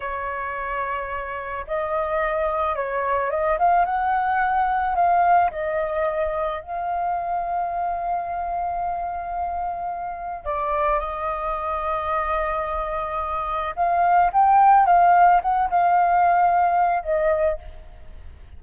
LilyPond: \new Staff \with { instrumentName = "flute" } { \time 4/4 \tempo 4 = 109 cis''2. dis''4~ | dis''4 cis''4 dis''8 f''8 fis''4~ | fis''4 f''4 dis''2 | f''1~ |
f''2. d''4 | dis''1~ | dis''4 f''4 g''4 f''4 | fis''8 f''2~ f''8 dis''4 | }